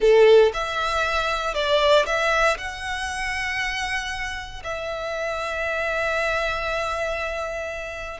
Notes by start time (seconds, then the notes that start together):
0.00 A4
0.53 E5
1.54 D5
2.05 E5
2.57 F#5
4.63 E5